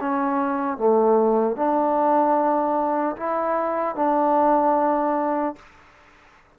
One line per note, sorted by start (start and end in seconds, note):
0.00 0.77 C#4
0.77 1.56 A3
1.56 3.16 D4
3.16 3.95 E4
3.95 5.55 D4